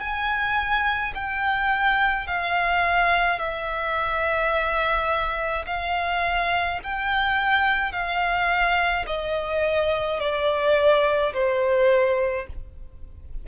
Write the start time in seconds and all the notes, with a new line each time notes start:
0.00 G#5
1.14 G5
2.27 F5
3.39 E5
5.66 F5
6.83 G5
7.92 F5
9.06 D#5
10.19 D5
11.33 C5